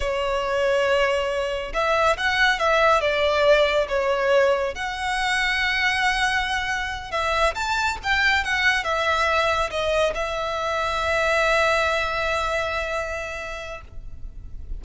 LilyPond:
\new Staff \with { instrumentName = "violin" } { \time 4/4 \tempo 4 = 139 cis''1 | e''4 fis''4 e''4 d''4~ | d''4 cis''2 fis''4~ | fis''1~ |
fis''8 e''4 a''4 g''4 fis''8~ | fis''8 e''2 dis''4 e''8~ | e''1~ | e''1 | }